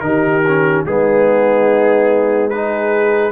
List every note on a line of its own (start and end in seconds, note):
0.00 0.84 D#3
0.00 0.43 D#4
0.00 0.86 G4
0.00 0.82 A#4
0.48 0.87 C#4
0.86 3.32 G#3
0.86 2.51 B3
0.86 2.50 D#4
0.86 2.49 G#4
2.49 3.32 D#4
2.49 3.32 G#4
2.49 3.32 B4